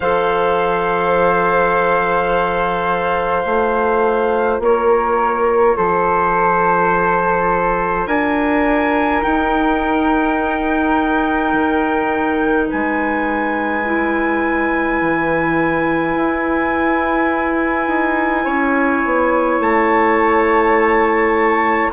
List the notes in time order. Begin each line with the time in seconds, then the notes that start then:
0.00 F3 A4 C5 F5
3.43 A3 F4
4.59 A#3 A#4 C#5
5.76 F3 A4 C5
8.06 D4 A#4 G#5
9.21 D#4 G5
11.53 D#3
12.67 G#3 B4 G#5
13.84 E4
15.01 E3
16.15 E4
17.87 D#4
18.44 C#4 C#5
19.05 B3
19.59 A3 A5